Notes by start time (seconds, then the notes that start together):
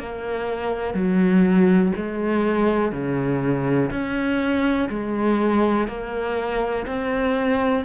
0.00 A#3
0.94 F#3
1.97 G#3
2.92 C#3
3.91 C#4
4.90 G#3
5.88 A#3
6.87 C4